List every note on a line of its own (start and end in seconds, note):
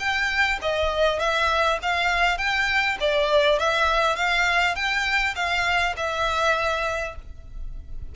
0.00 0.59 G5
0.62 1.20 D#5
1.20 1.79 E5
1.83 2.38 F5
2.38 2.98 G5
3.01 3.59 D5
3.59 4.16 E5
4.16 4.76 F5
4.76 5.35 G5
5.36 5.95 F5
5.97 7.16 E5